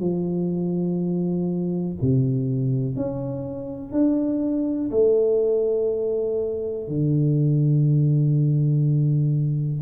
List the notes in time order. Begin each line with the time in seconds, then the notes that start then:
0.00 F3
2.02 C3
2.96 C#4
3.93 D4
4.91 A3
6.88 D3